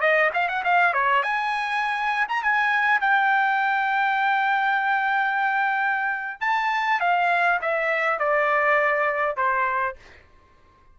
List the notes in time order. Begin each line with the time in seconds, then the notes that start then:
0.00 D#5
0.33 F5
0.48 F#5
0.64 F5
0.93 C#5
1.23 G#5
2.28 A#5
2.42 G#5
3.00 G5
6.40 A5
7.00 F5
7.61 E5
8.18 D5
9.36 C5